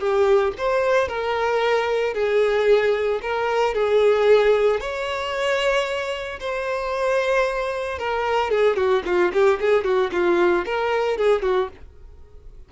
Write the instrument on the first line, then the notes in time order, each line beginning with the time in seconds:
violin
0.00 G4
0.58 C5
1.09 A#4
2.14 G#4
3.22 A#4
3.75 G#4
4.81 C#5
6.40 C5
7.99 A#4
8.51 G#4
8.76 F#4
9.06 F4
9.33 G4
9.60 G#4
9.84 F#4
10.13 F4
10.66 A#4
11.18 G#4
11.42 F#4